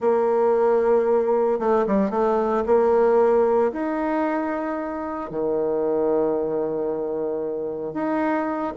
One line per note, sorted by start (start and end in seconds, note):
0.00 1.59 A#3
1.59 1.85 A3
1.86 2.10 G3
2.10 2.63 A3
2.65 3.72 A#3
3.72 5.30 D#4
5.30 7.93 D#3
7.93 8.73 D#4